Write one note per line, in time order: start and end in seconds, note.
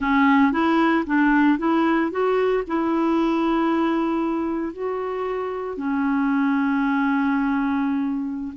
0.00 0.51 C#4
0.51 1.04 E4
1.06 1.58 D4
1.58 2.11 E4
2.11 2.63 F#4
2.67 4.72 E4
4.72 5.77 F#4
5.77 8.53 C#4